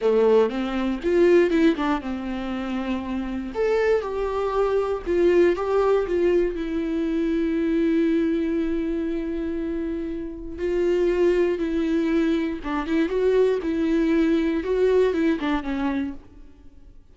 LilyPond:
\new Staff \with { instrumentName = "viola" } { \time 4/4 \tempo 4 = 119 a4 c'4 f'4 e'8 d'8 | c'2. a'4 | g'2 f'4 g'4 | f'4 e'2.~ |
e'1~ | e'4 f'2 e'4~ | e'4 d'8 e'8 fis'4 e'4~ | e'4 fis'4 e'8 d'8 cis'4 | }